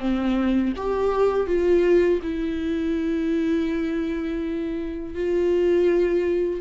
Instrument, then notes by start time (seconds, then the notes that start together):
viola
0.00 C4
0.77 G4
1.47 F4
2.23 E4
5.15 F4